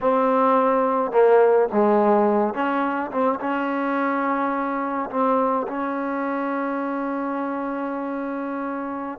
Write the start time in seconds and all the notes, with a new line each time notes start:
0.01 C4
1.11 A#3
1.72 G#3
2.54 C#4
3.11 C4
3.40 C#4
5.10 C4
5.67 C#4